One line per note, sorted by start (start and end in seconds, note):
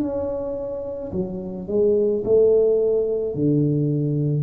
0.00 1.11 C#4
1.12 1.67 F#3
1.67 2.23 G#3
2.24 3.34 A3
3.34 4.42 D3